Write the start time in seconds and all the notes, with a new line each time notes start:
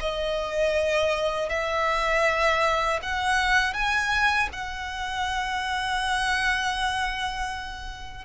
0.00 D#5
1.49 E5
3.02 F#5
3.74 G#5
4.52 F#5